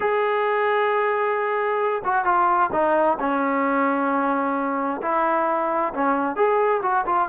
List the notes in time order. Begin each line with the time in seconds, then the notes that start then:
0.00 G#4
2.04 F#4
2.24 F4
2.72 D#4
3.19 C#4
5.02 E4
5.93 C#4
6.36 G#4
6.82 F#4
7.06 F4